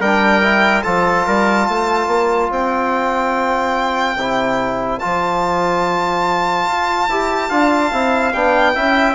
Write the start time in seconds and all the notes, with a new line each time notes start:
0.00 G3 D4 A#4 G5
0.42 E4
0.83 F3 F4 A4 A5
1.26 G3 A#4
1.68 A3 C5
2.07 A#3
2.50 C4 G5
4.16 C3 E4
4.99 F3 F4 A5
6.67 F4
7.08 E4 G4
7.49 D4 F4 F5
7.92 C4 E4
8.33 B3 D4 G5
8.74 C#4 E4 E5